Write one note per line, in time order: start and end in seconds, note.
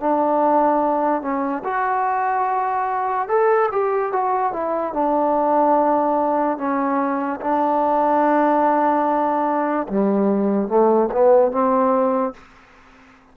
0.00 1.21 D4
1.21 1.63 C#4
1.64 3.28 F#4
3.28 3.69 A4
3.71 4.12 G4
4.12 4.53 F#4
4.53 4.93 E4
4.93 6.58 D4
6.58 7.40 C#4
7.40 9.87 D4
9.88 10.68 G3
10.68 11.09 A3
11.11 11.51 B3
11.51 12.34 C4